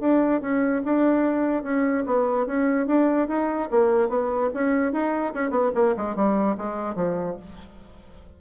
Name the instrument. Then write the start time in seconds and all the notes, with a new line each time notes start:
bassoon
0.00 D4
0.41 C#4
0.85 D4
1.63 C#4
2.06 B3
2.46 C#4
2.87 D4
3.28 D#4
3.71 A#3
4.09 B3
4.54 C#4
4.92 D#4
5.34 C#4
5.50 B3
5.75 A#3
5.97 G#3
6.15 G3
6.57 G#3
6.95 F3